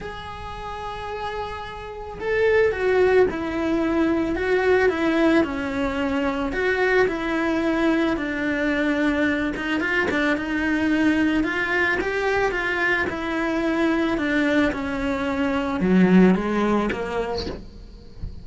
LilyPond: \new Staff \with { instrumentName = "cello" } { \time 4/4 \tempo 4 = 110 gis'1 | a'4 fis'4 e'2 | fis'4 e'4 cis'2 | fis'4 e'2 d'4~ |
d'4. dis'8 f'8 d'8 dis'4~ | dis'4 f'4 g'4 f'4 | e'2 d'4 cis'4~ | cis'4 fis4 gis4 ais4 | }